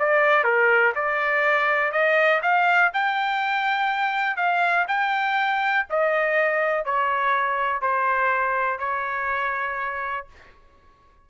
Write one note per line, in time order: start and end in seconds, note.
0.00 0.44 D5
0.44 0.93 A#4
0.95 1.92 D5
1.92 2.41 D#5
2.43 2.92 F5
2.94 4.37 G5
4.37 4.86 F5
4.88 5.87 G5
5.90 6.85 D#5
6.85 7.82 C#5
7.82 8.80 C5
8.80 10.27 C#5